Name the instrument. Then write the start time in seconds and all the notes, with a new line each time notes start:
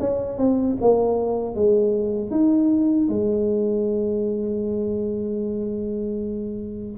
tuba
0.00 C#4
0.38 C4
0.81 A#3
1.55 G#3
2.31 D#4
3.09 G#3